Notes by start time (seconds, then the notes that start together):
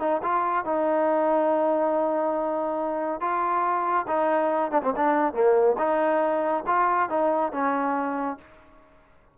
0.00 D#4
0.23 F4
0.65 D#4
3.21 F4
4.08 D#4
4.71 D4
4.83 C4
4.97 D4
5.34 A#3
5.78 D#4
6.67 F4
7.10 D#4
7.53 C#4